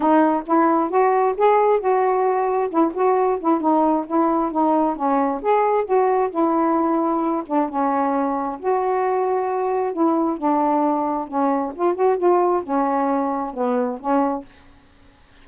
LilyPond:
\new Staff \with { instrumentName = "saxophone" } { \time 4/4 \tempo 4 = 133 dis'4 e'4 fis'4 gis'4 | fis'2 e'8 fis'4 e'8 | dis'4 e'4 dis'4 cis'4 | gis'4 fis'4 e'2~ |
e'8 d'8 cis'2 fis'4~ | fis'2 e'4 d'4~ | d'4 cis'4 f'8 fis'8 f'4 | cis'2 b4 cis'4 | }